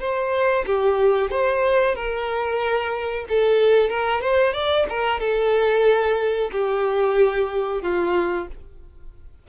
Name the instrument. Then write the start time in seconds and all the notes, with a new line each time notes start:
violin
0.00 C5
0.66 G4
1.31 C5
1.95 A#4
3.29 A4
3.90 A#4
4.22 C5
4.54 D5
4.89 A#4
5.20 A4
6.52 G4
7.82 F4